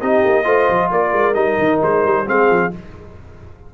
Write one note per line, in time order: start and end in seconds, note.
0.00 0.24 C4
0.00 0.44 D#4
0.00 0.45 G4
0.00 0.91 D#5
0.24 0.45 A#3
0.44 0.68 A3
0.44 1.34 F4
0.44 0.90 C5
0.69 0.90 F3
0.90 1.12 A#3
0.90 2.28 A#4
0.90 1.34 D5
1.12 1.35 G#3
1.34 1.57 G3
1.34 2.25 D#4
1.34 1.79 D#5
1.58 1.81 D#3
1.82 2.04 G#3
1.82 2.28 C5
2.04 2.27 G3
2.26 2.50 G#3
2.26 2.71 C4
2.26 2.74 G#4
2.26 2.73 F5
2.50 2.72 F3